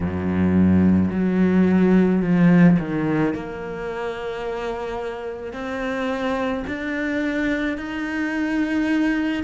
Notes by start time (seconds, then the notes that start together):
0.00 F#2
1.11 F#3
2.22 F3
2.79 D#3
3.34 A#3
5.53 C4
6.67 D4
7.77 D#4